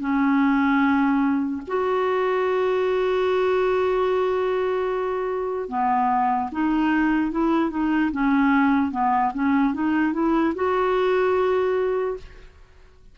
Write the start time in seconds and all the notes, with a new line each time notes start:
0.00 C#4
1.68 F#4
5.69 B3
6.52 D#4
7.32 E4
7.71 D#4
8.12 C#4
8.92 B3
9.34 C#4
9.74 D#4
10.14 E4
10.56 F#4